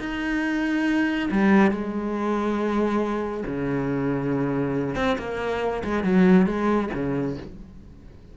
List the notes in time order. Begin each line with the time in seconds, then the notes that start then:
0.00 D#4
1.31 G3
1.71 G#3
3.46 C#3
4.96 C4
5.18 A#3
5.84 G#3
6.04 F#3
6.46 G#3
6.94 C#3